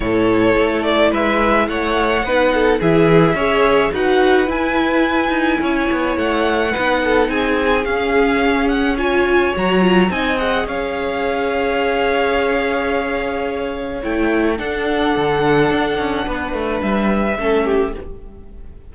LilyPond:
<<
  \new Staff \with { instrumentName = "violin" } { \time 4/4 \tempo 4 = 107 cis''4. d''8 e''4 fis''4~ | fis''4 e''2 fis''4 | gis''2. fis''4~ | fis''4 gis''4 f''4. fis''8 |
gis''4 ais''4 gis''8 fis''8 f''4~ | f''1~ | f''4 g''4 fis''2~ | fis''2 e''2 | }
  \new Staff \with { instrumentName = "violin" } { \time 4/4 a'2 b'4 cis''4 | b'8 a'8 gis'4 cis''4 b'4~ | b'2 cis''2 | b'8 a'8 gis'2. |
cis''2 dis''4 cis''4~ | cis''1~ | cis''2 a'2~ | a'4 b'2 a'8 g'8 | }
  \new Staff \with { instrumentName = "viola" } { \time 4/4 e'1 | dis'4 e'4 gis'4 fis'4 | e'1 | dis'2 cis'2 |
f'4 fis'8 f'8 dis'8 gis'4.~ | gis'1~ | gis'4 e'4 d'2~ | d'2. cis'4 | }
  \new Staff \with { instrumentName = "cello" } { \time 4/4 a,4 a4 gis4 a4 | b4 e4 cis'4 dis'4 | e'4. dis'8 cis'8 b8 a4 | b4 c'4 cis'2~ |
cis'4 fis4 c'4 cis'4~ | cis'1~ | cis'4 a4 d'4 d4 | d'8 cis'8 b8 a8 g4 a4 | }
>>